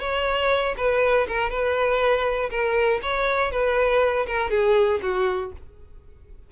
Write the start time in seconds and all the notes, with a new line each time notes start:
0.00 C#5
0.77 B4
1.28 A#4
1.50 B4
2.50 A#4
3.02 C#5
3.52 B4
4.27 A#4
4.50 G#4
5.02 F#4